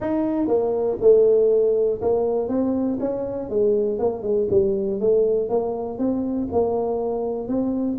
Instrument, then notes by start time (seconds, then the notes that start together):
tuba
0.00 D#4
0.47 A#3
1.00 A3
2.01 A#3
2.48 C4
3.00 C#4
3.49 G#3
3.98 A#3
4.22 G#3
4.50 G3
5.00 A3
5.49 A#3
5.98 C4
6.52 A#3
7.47 C4